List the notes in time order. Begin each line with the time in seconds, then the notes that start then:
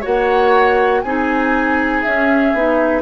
0.00 A#3 F#4 C#5 F#5
1.01 C4 D#4 G#4 G#5
2.02 C#4 E5
2.53 B3 D#4